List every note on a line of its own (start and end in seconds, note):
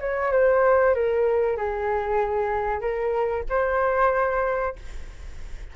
0.00 0.32 C#5
0.32 0.94 C5
0.94 1.57 A#4
1.57 2.80 G#4
2.80 3.44 A#4
3.49 4.75 C5